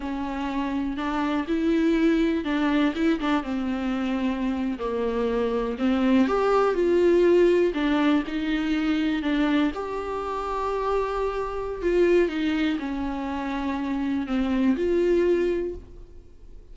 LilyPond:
\new Staff \with { instrumentName = "viola" } { \time 4/4 \tempo 4 = 122 cis'2 d'4 e'4~ | e'4 d'4 e'8 d'8 c'4~ | c'4.~ c'16 ais2 c'16~ | c'8. g'4 f'2 d'16~ |
d'8. dis'2 d'4 g'16~ | g'1 | f'4 dis'4 cis'2~ | cis'4 c'4 f'2 | }